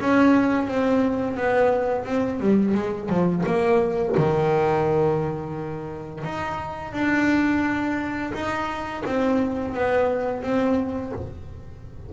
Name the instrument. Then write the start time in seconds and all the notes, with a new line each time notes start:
double bass
0.00 C#4
0.68 C4
1.36 B3
2.05 C4
2.40 G3
2.74 G#3
3.09 F3
3.46 A#3
4.17 D#3
6.24 D#4
6.93 D4
8.33 D#4
9.05 C4
9.74 B3
10.43 C4